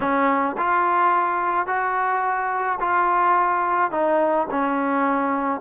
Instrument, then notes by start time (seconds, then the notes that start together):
trombone
0.00 C#4
0.57 F4
1.66 F#4
2.80 F4
3.91 D#4
4.50 C#4